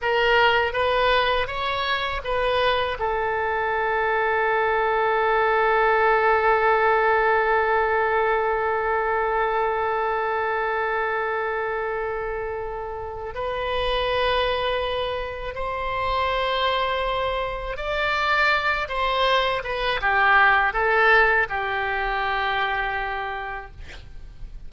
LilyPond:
\new Staff \with { instrumentName = "oboe" } { \time 4/4 \tempo 4 = 81 ais'4 b'4 cis''4 b'4 | a'1~ | a'1~ | a'1~ |
a'2 b'2~ | b'4 c''2. | d''4. c''4 b'8 g'4 | a'4 g'2. | }